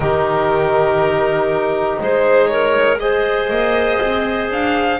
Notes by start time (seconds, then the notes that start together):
0.00 D#3 D#4 G4 A#4
2.00 G#3 G#4 C5
2.47 A#4 C#5
2.99 G#4 C5 D#5
3.50 A#3
4.01 C4
4.50 D4 F5